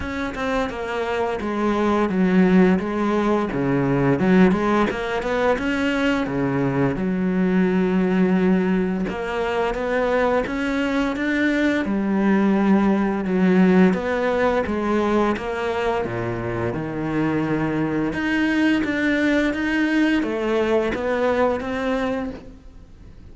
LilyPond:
\new Staff \with { instrumentName = "cello" } { \time 4/4 \tempo 4 = 86 cis'8 c'8 ais4 gis4 fis4 | gis4 cis4 fis8 gis8 ais8 b8 | cis'4 cis4 fis2~ | fis4 ais4 b4 cis'4 |
d'4 g2 fis4 | b4 gis4 ais4 ais,4 | dis2 dis'4 d'4 | dis'4 a4 b4 c'4 | }